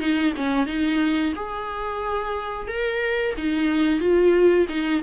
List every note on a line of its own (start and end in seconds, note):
0.00 0.33 D#4
0.37 0.67 C#4
0.67 1.33 D#4
1.36 2.68 G#4
2.68 3.35 A#4
3.38 4.00 D#4
4.00 4.67 F4
4.69 5.02 D#4